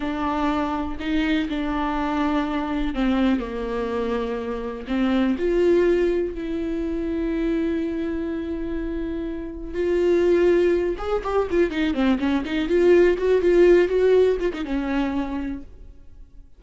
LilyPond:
\new Staff \with { instrumentName = "viola" } { \time 4/4 \tempo 4 = 123 d'2 dis'4 d'4~ | d'2 c'4 ais4~ | ais2 c'4 f'4~ | f'4 e'2.~ |
e'1 | f'2~ f'8 gis'8 g'8 f'8 | dis'8 c'8 cis'8 dis'8 f'4 fis'8 f'8~ | f'8 fis'4 f'16 dis'16 cis'2 | }